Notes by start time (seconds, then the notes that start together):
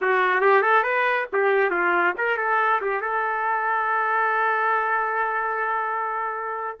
0.01 F#4
0.41 G4
0.62 A4
0.83 B4
1.32 G4
1.70 F4
2.17 A#4
2.37 A4
2.81 G4
3.01 A4